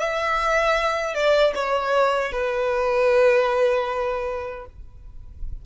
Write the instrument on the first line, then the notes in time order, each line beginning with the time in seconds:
violin
0.00 E5
1.15 D5
1.55 C#5
2.32 B4